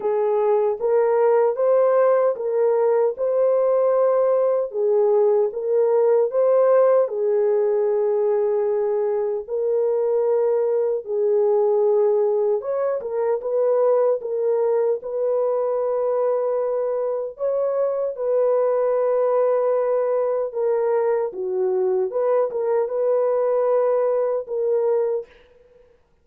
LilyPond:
\new Staff \with { instrumentName = "horn" } { \time 4/4 \tempo 4 = 76 gis'4 ais'4 c''4 ais'4 | c''2 gis'4 ais'4 | c''4 gis'2. | ais'2 gis'2 |
cis''8 ais'8 b'4 ais'4 b'4~ | b'2 cis''4 b'4~ | b'2 ais'4 fis'4 | b'8 ais'8 b'2 ais'4 | }